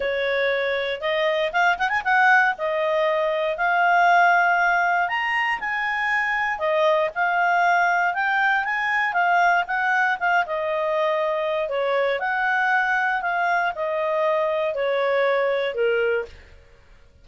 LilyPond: \new Staff \with { instrumentName = "clarinet" } { \time 4/4 \tempo 4 = 118 cis''2 dis''4 f''8 fis''16 gis''16 | fis''4 dis''2 f''4~ | f''2 ais''4 gis''4~ | gis''4 dis''4 f''2 |
g''4 gis''4 f''4 fis''4 | f''8 dis''2~ dis''8 cis''4 | fis''2 f''4 dis''4~ | dis''4 cis''2 ais'4 | }